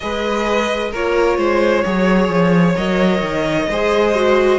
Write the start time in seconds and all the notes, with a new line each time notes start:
0.00 G#3 G#4 B4 D#5
0.90 A#3 F4 A#4 C#5
1.37 G#3 C5
1.83 F#3 G#4 C#5
2.28 F3
2.75 F#3 A#4 D#5
3.21 D#3
3.69 G#3 G#4 C5
4.14 F#4